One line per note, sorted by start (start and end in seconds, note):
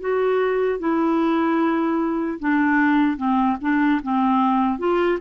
0.00 0.79 F#4
0.79 2.39 E4
2.39 3.17 D4
3.17 3.57 C4
3.61 4.01 D4
4.02 4.79 C4
4.79 5.19 F4